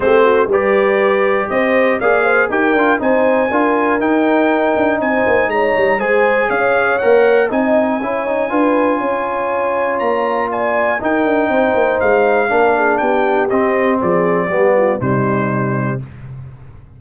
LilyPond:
<<
  \new Staff \with { instrumentName = "trumpet" } { \time 4/4 \tempo 4 = 120 c''4 d''2 dis''4 | f''4 g''4 gis''2 | g''2 gis''4 ais''4 | gis''4 f''4 fis''4 gis''4~ |
gis''1 | ais''4 gis''4 g''2 | f''2 g''4 dis''4 | d''2 c''2 | }
  \new Staff \with { instrumentName = "horn" } { \time 4/4 g'8 fis'8 b'2 c''4 | d''8 c''8 ais'4 c''4 ais'4~ | ais'2 c''4 cis''4 | c''4 cis''2 dis''4 |
cis''4 b'4 cis''2~ | cis''4 d''4 ais'4 c''4~ | c''4 ais'8 gis'8 g'2 | gis'4 g'8 f'8 dis'2 | }
  \new Staff \with { instrumentName = "trombone" } { \time 4/4 c'4 g'2. | gis'4 g'8 f'8 dis'4 f'4 | dis'1 | gis'2 ais'4 dis'4 |
e'8 dis'8 f'2.~ | f'2 dis'2~ | dis'4 d'2 c'4~ | c'4 b4 g2 | }
  \new Staff \with { instrumentName = "tuba" } { \time 4/4 a4 g2 c'4 | ais4 dis'8 d'8 c'4 d'4 | dis'4. d'8 c'8 ais8 gis8 g8 | gis4 cis'4 ais4 c'4 |
cis'4 d'4 cis'2 | ais2 dis'8 d'8 c'8 ais8 | gis4 ais4 b4 c'4 | f4 g4 c2 | }
>>